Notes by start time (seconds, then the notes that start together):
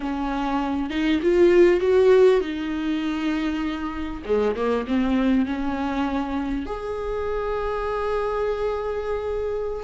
0.00 C#4
0.90 D#4
1.22 F4
1.80 F#4
2.40 D#4
4.25 G#3
4.55 A#3
4.87 C4
5.45 C#4
6.66 G#4